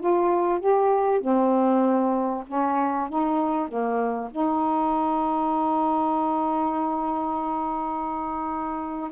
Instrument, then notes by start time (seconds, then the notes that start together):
saxophone
0.00 F4
0.60 G4
1.21 C4
2.47 C#4
3.10 D#4
3.69 A#3
4.32 D#4